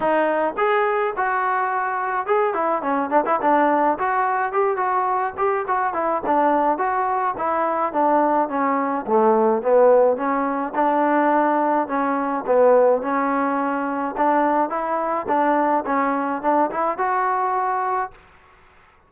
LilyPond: \new Staff \with { instrumentName = "trombone" } { \time 4/4 \tempo 4 = 106 dis'4 gis'4 fis'2 | gis'8 e'8 cis'8 d'16 e'16 d'4 fis'4 | g'8 fis'4 g'8 fis'8 e'8 d'4 | fis'4 e'4 d'4 cis'4 |
a4 b4 cis'4 d'4~ | d'4 cis'4 b4 cis'4~ | cis'4 d'4 e'4 d'4 | cis'4 d'8 e'8 fis'2 | }